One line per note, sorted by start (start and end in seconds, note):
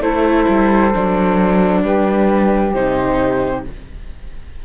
0.00 0.45 A3
0.00 0.93 E4
0.00 1.83 A4
0.00 1.83 C5
0.48 0.94 G3
0.93 1.83 F#3
0.93 2.74 D4
1.83 2.74 G3
1.83 3.65 G4
1.83 2.73 B4
2.73 3.65 C3
2.73 3.65 D#4
2.73 3.64 C5